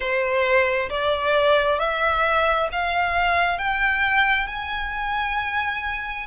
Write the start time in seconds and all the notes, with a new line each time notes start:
0.00 C5
0.89 D5
1.79 E5
2.72 F5
3.58 G5
4.47 G#5